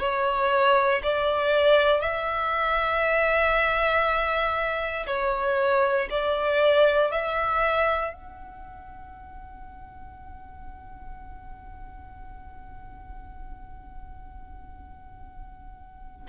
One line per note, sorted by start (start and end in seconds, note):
0.00 1.02 C#5
1.03 2.01 D5
2.01 5.06 E5
5.07 6.08 C#5
6.10 7.11 D5
7.11 8.13 E5
8.13 16.27 F#5